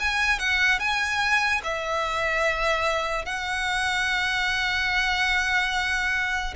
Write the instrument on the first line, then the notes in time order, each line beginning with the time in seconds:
violin
0.00 G#5
0.39 F#5
0.79 G#5
1.63 E5
3.25 F#5